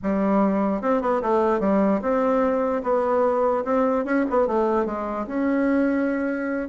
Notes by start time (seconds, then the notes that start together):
0.02 G3
0.81 C4
1.01 B3
1.22 A3
1.60 G3
2.01 C4
2.83 B3
3.64 C4
4.04 C#4
4.30 B3
4.47 A3
4.85 G#3
5.26 C#4